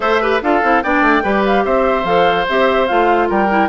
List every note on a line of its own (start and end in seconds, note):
0.00 0.41 A3
0.00 0.20 A4
0.00 0.21 C5
0.00 0.41 E5
0.21 0.42 G4
0.21 0.41 B4
0.42 0.62 D4
0.42 0.62 F4
0.42 0.83 A4
0.42 0.83 F5
0.62 0.83 C4
0.62 0.83 E4
0.83 1.01 B3
0.83 1.23 D4
0.83 1.23 D5
0.83 1.44 G5
1.01 1.22 A3
1.23 1.65 G3
1.23 2.04 G4
1.23 1.64 B4
1.45 1.64 F5
1.64 2.04 C4
1.64 3.29 C5
1.64 2.05 E5
2.04 2.45 F3
2.04 2.46 A4
2.04 2.46 F5
2.49 2.90 C4
2.49 2.88 G4
2.49 2.87 E5
2.87 3.30 A3
2.87 3.48 F4
2.87 3.28 F5
3.29 3.69 G3
3.29 3.69 A#4
3.29 3.69 G5
3.48 3.69 E4